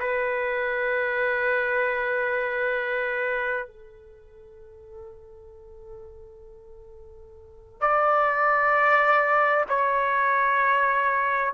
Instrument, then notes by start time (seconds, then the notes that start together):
trumpet
0.00 B4
3.68 A4
7.81 D5
9.69 C#5